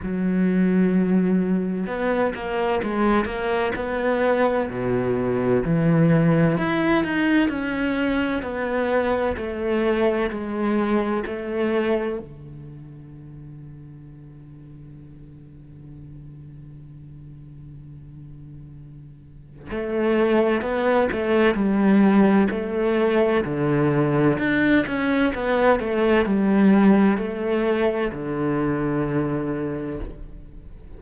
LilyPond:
\new Staff \with { instrumentName = "cello" } { \time 4/4 \tempo 4 = 64 fis2 b8 ais8 gis8 ais8 | b4 b,4 e4 e'8 dis'8 | cis'4 b4 a4 gis4 | a4 d2.~ |
d1~ | d4 a4 b8 a8 g4 | a4 d4 d'8 cis'8 b8 a8 | g4 a4 d2 | }